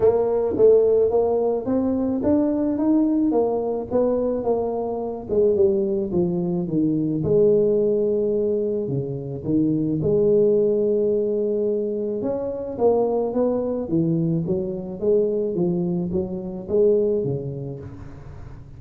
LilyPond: \new Staff \with { instrumentName = "tuba" } { \time 4/4 \tempo 4 = 108 ais4 a4 ais4 c'4 | d'4 dis'4 ais4 b4 | ais4. gis8 g4 f4 | dis4 gis2. |
cis4 dis4 gis2~ | gis2 cis'4 ais4 | b4 e4 fis4 gis4 | f4 fis4 gis4 cis4 | }